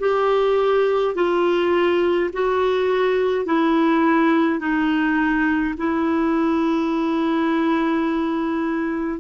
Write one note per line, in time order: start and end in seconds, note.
0.00 1.15 G4
1.15 2.31 F4
2.33 3.46 F#4
3.46 4.59 E4
4.59 5.75 D#4
5.78 9.20 E4